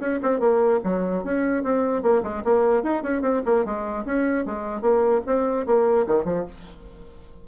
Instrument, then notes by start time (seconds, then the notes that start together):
bassoon
0.00 C#4
0.23 C4
0.40 A#3
0.84 F#3
1.24 C#4
1.64 C4
2.03 A#3
2.23 G#3
2.45 A#3
2.83 D#4
3.03 C#4
3.22 C4
3.46 A#3
3.65 G#3
4.06 C#4
4.46 G#3
4.82 A#3
5.26 C4
5.67 A#3
6.08 D#3
6.25 F3